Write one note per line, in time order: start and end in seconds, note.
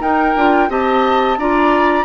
0.00 0.34 D#4
0.00 0.37 D#4
0.00 0.70 A#4
0.00 0.71 G5
0.36 0.69 D4
0.36 0.69 F4
0.69 1.37 C4
0.69 1.38 G4
0.69 1.39 D#5
0.69 1.39 A5
1.37 2.05 D4
1.37 2.05 F4
1.37 2.05 D5
1.37 2.05 A#5